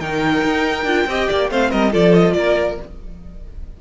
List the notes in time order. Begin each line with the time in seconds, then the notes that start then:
0.00 D#3 D#4 A#4 G5
0.43 D#4
0.84 D4 F4
1.06 C4 G4 D#5
1.28 A#3 D5
1.50 A3 C4 C5 F5
1.70 G3 A#4 D#5
1.91 F3 F4 A4 D5
2.13 D#5
2.33 A#3 A#4 D5